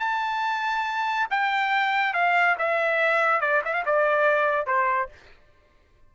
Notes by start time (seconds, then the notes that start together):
0.00 A5
1.31 G5
2.14 F5
2.59 E5
3.41 D5
3.65 E5
3.74 F5
3.86 D5
4.67 C5